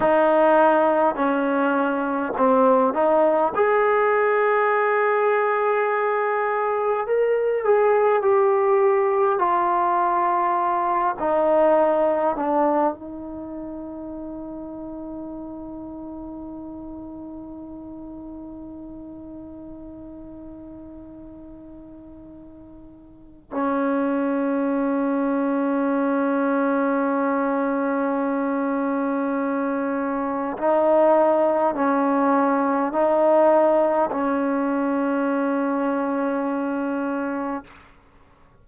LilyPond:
\new Staff \with { instrumentName = "trombone" } { \time 4/4 \tempo 4 = 51 dis'4 cis'4 c'8 dis'8 gis'4~ | gis'2 ais'8 gis'8 g'4 | f'4. dis'4 d'8 dis'4~ | dis'1~ |
dis'1 | cis'1~ | cis'2 dis'4 cis'4 | dis'4 cis'2. | }